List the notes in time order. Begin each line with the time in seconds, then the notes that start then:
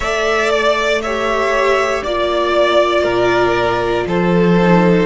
0.00 A3 A4 D5 E5
0.50 D5
1.01 G4 C#5 E5
2.03 A#3 F4 D5
3.03 A#2 A#4
4.06 F3 A4 C5
4.61 D#4